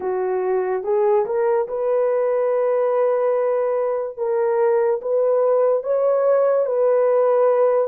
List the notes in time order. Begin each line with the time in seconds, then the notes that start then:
0.00 F#4
0.83 G#4
1.25 A#4
1.68 B4
4.17 A#4
5.01 B4
5.83 C#5
6.66 B4